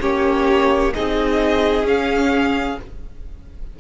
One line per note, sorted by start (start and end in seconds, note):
0.00 0.93 A#3
0.00 0.92 C#4
0.00 0.93 G4
0.00 0.94 C#5
0.94 1.83 C4
0.94 1.85 D#4
0.94 2.79 G#4
0.94 1.87 D#5
1.83 2.76 C#4
1.83 2.77 C#4
1.83 2.80 F5